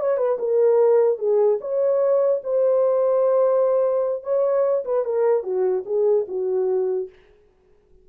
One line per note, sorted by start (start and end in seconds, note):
0.00 0.17 C#5
0.17 0.38 B4
0.39 1.18 A#4
1.18 1.59 G#4
1.61 2.42 C#5
2.44 4.23 C5
4.23 4.84 C#5
4.85 5.05 B4
5.05 5.43 A#4
5.43 5.84 F#4
5.86 6.26 G#4
6.28 7.09 F#4